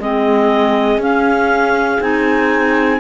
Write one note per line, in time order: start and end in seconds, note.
0.00 0.98 G#3
0.00 1.01 C4
0.00 3.00 G#4
0.00 1.01 D#5
0.98 1.98 C#4
0.98 2.01 C#4
0.98 2.02 F5
2.01 3.00 C4
2.01 3.00 D#4
2.01 3.00 G#5